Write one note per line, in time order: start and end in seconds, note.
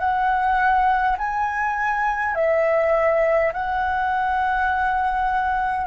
0.00 1.18 F#5
1.18 2.35 G#5
2.35 3.53 E5
3.53 5.87 F#5